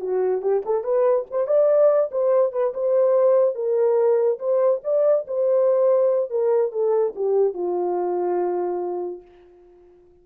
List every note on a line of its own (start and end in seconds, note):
0.00 0.41 F#4
0.41 0.62 G4
0.65 0.84 A4
0.84 1.25 B4
1.30 1.47 C5
1.47 2.10 D5
2.11 2.52 C5
2.52 2.73 B4
2.73 3.55 C5
3.55 4.38 A#4
4.39 4.81 C5
4.83 5.25 D5
5.27 6.30 C5
6.30 6.72 A#4
6.72 7.14 A4
7.15 7.54 G4
7.54 9.22 F4